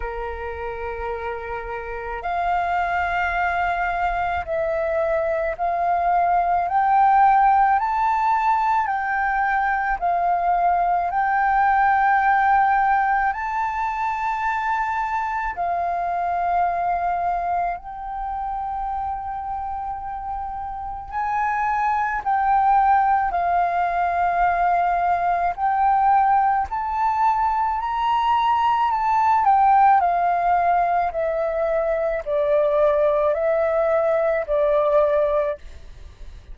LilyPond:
\new Staff \with { instrumentName = "flute" } { \time 4/4 \tempo 4 = 54 ais'2 f''2 | e''4 f''4 g''4 a''4 | g''4 f''4 g''2 | a''2 f''2 |
g''2. gis''4 | g''4 f''2 g''4 | a''4 ais''4 a''8 g''8 f''4 | e''4 d''4 e''4 d''4 | }